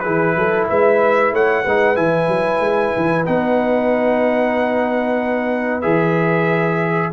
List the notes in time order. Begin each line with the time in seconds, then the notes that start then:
0.00 E4 G#4 B4
0.06 E3
0.37 F#3 A4
0.70 G#3 B4 E5
1.33 A3 C#5 F#5
1.65 G#3 D#4 B4
1.96 E3 E4 G#5
2.28 F#3
2.60 G#3
2.97 E3
3.26 B3 D#4 F#5
5.82 E3 G#4 E5